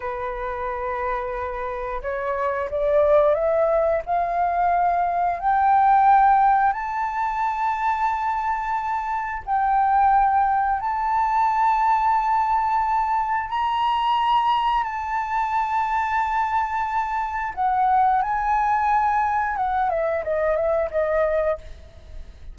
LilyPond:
\new Staff \with { instrumentName = "flute" } { \time 4/4 \tempo 4 = 89 b'2. cis''4 | d''4 e''4 f''2 | g''2 a''2~ | a''2 g''2 |
a''1 | ais''2 a''2~ | a''2 fis''4 gis''4~ | gis''4 fis''8 e''8 dis''8 e''8 dis''4 | }